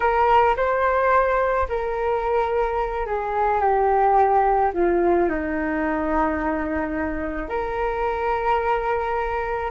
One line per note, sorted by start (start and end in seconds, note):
0.00 0.55 A#4
0.56 1.67 C5
1.68 3.06 A#4
3.06 3.61 G#4
3.61 4.72 G4
4.73 5.29 F4
5.29 7.48 D#4
7.48 9.70 A#4